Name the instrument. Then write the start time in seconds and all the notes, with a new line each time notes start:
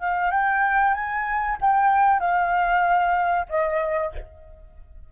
flute
0.00 F5
0.32 G5
0.94 G#5
1.61 G5
2.20 F5
3.49 D#5